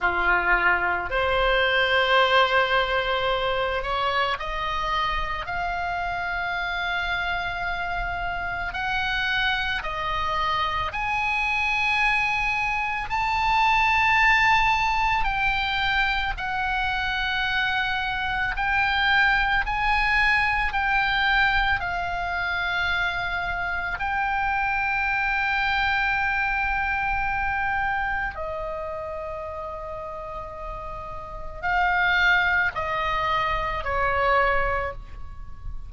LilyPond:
\new Staff \with { instrumentName = "oboe" } { \time 4/4 \tempo 4 = 55 f'4 c''2~ c''8 cis''8 | dis''4 f''2. | fis''4 dis''4 gis''2 | a''2 g''4 fis''4~ |
fis''4 g''4 gis''4 g''4 | f''2 g''2~ | g''2 dis''2~ | dis''4 f''4 dis''4 cis''4 | }